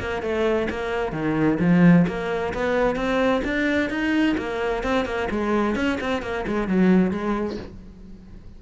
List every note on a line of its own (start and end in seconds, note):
0.00 0.22 A#3
0.22 0.69 A3
0.70 1.12 A#3
1.12 1.58 D#3
1.60 2.06 F3
2.07 2.54 A#3
2.54 2.96 B3
2.96 3.42 C4
3.44 3.90 D4
3.90 4.36 D#4
4.37 4.84 A#3
4.84 5.05 C4
5.05 5.28 A#3
5.31 5.76 G#3
5.76 5.99 C#4
6.01 6.22 C4
6.22 6.46 A#3
6.47 6.68 G#3
6.68 7.11 F#3
7.11 7.57 G#3